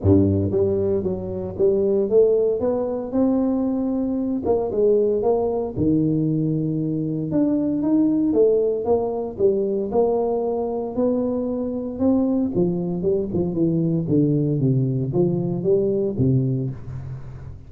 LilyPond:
\new Staff \with { instrumentName = "tuba" } { \time 4/4 \tempo 4 = 115 g,4 g4 fis4 g4 | a4 b4 c'2~ | c'8 ais8 gis4 ais4 dis4~ | dis2 d'4 dis'4 |
a4 ais4 g4 ais4~ | ais4 b2 c'4 | f4 g8 f8 e4 d4 | c4 f4 g4 c4 | }